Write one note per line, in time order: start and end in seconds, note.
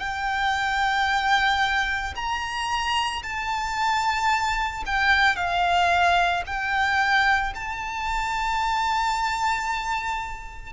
0.00 2.14 G5
2.16 3.23 A#5
3.23 4.84 A5
4.87 5.36 G5
5.36 6.43 F5
6.46 7.53 G5
7.55 10.73 A5